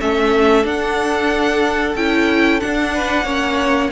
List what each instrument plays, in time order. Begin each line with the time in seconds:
0.00 cello A3, viola C#4, violin A4 E5
0.62 viola D4, cello D4, violin F#5
1.95 cello C#4, viola E4, violin G5
2.60 viola D4, cello D4, violin F#5
2.94 violin B4
3.24 cello A#3, viola C#4, violin C#5